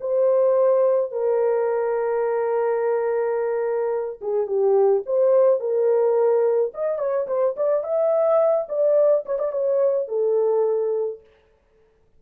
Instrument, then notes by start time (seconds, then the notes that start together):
horn
0.00 C5
1.11 A#4
4.21 G#4
4.46 G4
5.05 C5
5.60 A#4
6.74 D#5
6.98 C#5
7.27 C5
7.56 D5
7.84 E5
8.68 D5
9.25 C#5
9.38 D5
9.52 C#5
10.08 A4